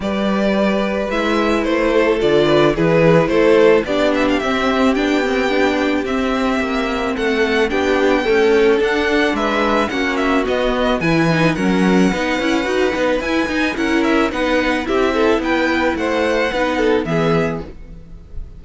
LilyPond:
<<
  \new Staff \with { instrumentName = "violin" } { \time 4/4 \tempo 4 = 109 d''2 e''4 c''4 | d''4 b'4 c''4 d''8 e''16 f''16 | e''4 g''2 e''4~ | e''4 fis''4 g''2 |
fis''4 e''4 fis''8 e''8 dis''4 | gis''4 fis''2. | gis''4 fis''8 e''8 fis''4 e''4 | g''4 fis''2 e''4 | }
  \new Staff \with { instrumentName = "violin" } { \time 4/4 b'2.~ b'8 a'8~ | a'8 b'8 gis'4 a'4 g'4~ | g'1~ | g'4 a'4 g'4 a'4~ |
a'4 b'4 fis'2 | b'4 ais'4 b'2~ | b'4 ais'4 b'4 g'8 a'8 | b'4 c''4 b'8 a'8 gis'4 | }
  \new Staff \with { instrumentName = "viola" } { \time 4/4 g'2 e'2 | f'4 e'2 d'4 | c'4 d'8 c'8 d'4 c'4~ | c'2 d'4 a4 |
d'2 cis'4 b4 | e'8 dis'8 cis'4 dis'8 e'8 fis'8 dis'8 | e'8 dis'8 e'4 dis'4 e'4~ | e'2 dis'4 b4 | }
  \new Staff \with { instrumentName = "cello" } { \time 4/4 g2 gis4 a4 | d4 e4 a4 b4 | c'4 b2 c'4 | ais4 a4 b4 cis'4 |
d'4 gis4 ais4 b4 | e4 fis4 b8 cis'8 dis'8 b8 | e'8 dis'8 cis'4 b4 c'4 | b4 a4 b4 e4 | }
>>